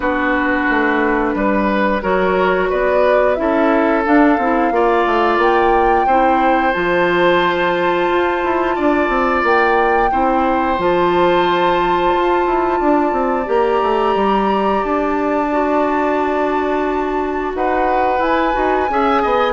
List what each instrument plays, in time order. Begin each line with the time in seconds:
0.00 bassoon B3, clarinet D4, oboe F#4, flute B4
0.69 bassoon A3
1.34 bassoon G3, oboe B4
2.02 bassoon F#3, clarinet F#4, oboe A#4, flute C#5
2.69 bassoon B3, oboe B4, flute D5
3.34 bassoon C#4, clarinet E4, flute E5
3.41 oboe A4
4.05 clarinet D4, bassoon D4, flute F5
4.38 bassoon C4, clarinet E4
4.71 bassoon A#3, clarinet F4, oboe D5
5.06 bassoon A3
5.37 bassoon A#3, flute G5
6.06 bassoon C4, clarinet E4, oboe C5
6.72 bassoon F3, clarinet F4, flute A5
8.09 bassoon F4
8.43 bassoon E4
8.75 bassoon D4, oboe D5
9.08 bassoon C4
9.43 bassoon A#3, flute G5
10.11 bassoon C4, clarinet E4, oboe C5
10.78 bassoon F3, clarinet F4, flute A5
12.15 bassoon F4
12.46 bassoon E4
12.79 bassoon D4, oboe D5
13.12 bassoon C4
13.45 bassoon A#3, clarinet G4, flute A#5
13.82 bassoon A3
14.15 bassoon G3
14.83 bassoon D4, flute A5
15.51 clarinet F#4
17.54 bassoon D#4, oboe B4, flute F#5
18.18 clarinet E4, bassoon E4, flute G#5
18.53 bassoon D#4, clarinet F#4
18.89 bassoon C#4, clarinet G#4, oboe E5
19.22 bassoon B3, oboe D#5